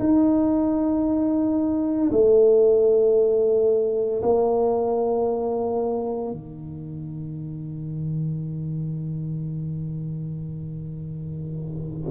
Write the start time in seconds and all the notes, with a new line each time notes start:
0.00 D#4
2.11 A3
4.22 A#3
6.32 D#3